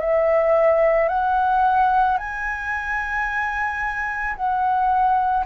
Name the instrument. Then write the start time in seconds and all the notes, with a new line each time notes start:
flute
0.00 E5
1.09 F#5
2.18 G#5
4.36 F#5